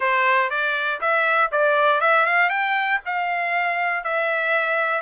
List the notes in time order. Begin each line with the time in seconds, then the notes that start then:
0.00 C5
0.50 D5
1.01 E5
1.51 D5
2.00 E5
2.26 F5
2.49 G5
3.05 F5
4.04 E5